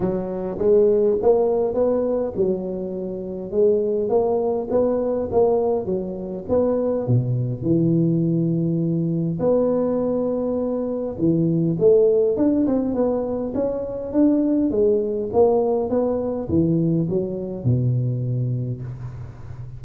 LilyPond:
\new Staff \with { instrumentName = "tuba" } { \time 4/4 \tempo 4 = 102 fis4 gis4 ais4 b4 | fis2 gis4 ais4 | b4 ais4 fis4 b4 | b,4 e2. |
b2. e4 | a4 d'8 c'8 b4 cis'4 | d'4 gis4 ais4 b4 | e4 fis4 b,2 | }